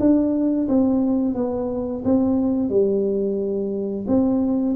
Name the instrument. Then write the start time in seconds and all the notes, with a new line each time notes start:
tuba
0.00 D4
0.68 C4
1.35 B3
2.05 C4
2.69 G3
4.08 C4